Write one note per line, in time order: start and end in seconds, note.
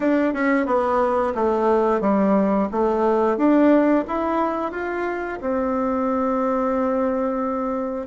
0.00 0.33 D4
0.33 0.66 C#4
0.66 1.33 B3
1.35 2.00 A3
2.00 2.68 G3
2.71 3.37 A3
3.37 4.04 D4
4.07 4.71 E4
4.71 5.39 F4
5.41 8.07 C4